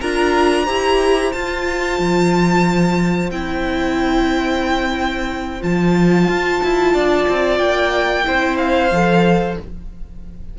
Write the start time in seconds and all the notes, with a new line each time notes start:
0.00 D4 F4 A#4 A#5
0.64 E4 G4 C5
1.32 F4 A5
1.99 F3
3.31 C4 E4 G5
5.61 F3 F4 A5
6.28 F4
6.63 E4
6.93 D4 D5
7.29 C4
7.58 A#3 G5
8.24 C4 E4 C5
8.58 F5
8.91 F3 A4